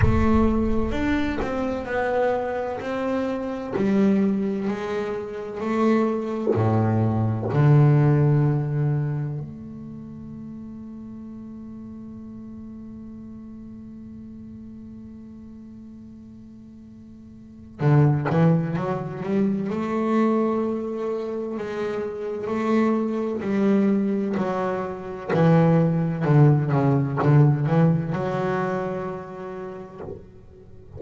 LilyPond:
\new Staff \with { instrumentName = "double bass" } { \time 4/4 \tempo 4 = 64 a4 d'8 c'8 b4 c'4 | g4 gis4 a4 a,4 | d2 a2~ | a1~ |
a2. d8 e8 | fis8 g8 a2 gis4 | a4 g4 fis4 e4 | d8 cis8 d8 e8 fis2 | }